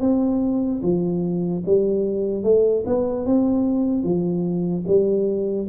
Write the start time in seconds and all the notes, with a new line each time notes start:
0.00 C4
0.82 F3
1.65 G3
2.44 A3
2.86 B3
3.25 C4
4.04 F3
4.87 G3